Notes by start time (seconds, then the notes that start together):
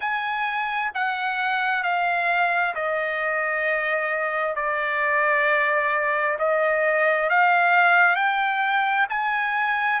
0.00 G#5
0.94 F#5
1.83 F5
2.74 D#5
4.55 D5
6.38 D#5
7.29 F5
8.15 G5
9.09 G#5